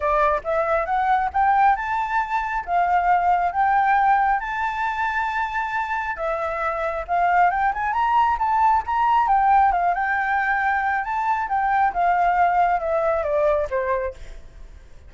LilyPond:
\new Staff \with { instrumentName = "flute" } { \time 4/4 \tempo 4 = 136 d''4 e''4 fis''4 g''4 | a''2 f''2 | g''2 a''2~ | a''2 e''2 |
f''4 g''8 gis''8 ais''4 a''4 | ais''4 g''4 f''8 g''4.~ | g''4 a''4 g''4 f''4~ | f''4 e''4 d''4 c''4 | }